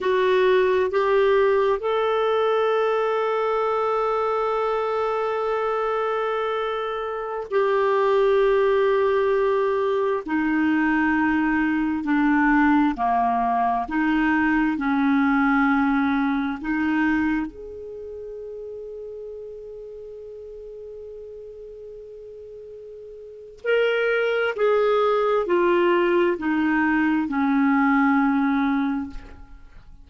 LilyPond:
\new Staff \with { instrumentName = "clarinet" } { \time 4/4 \tempo 4 = 66 fis'4 g'4 a'2~ | a'1~ | a'16 g'2. dis'8.~ | dis'4~ dis'16 d'4 ais4 dis'8.~ |
dis'16 cis'2 dis'4 gis'8.~ | gis'1~ | gis'2 ais'4 gis'4 | f'4 dis'4 cis'2 | }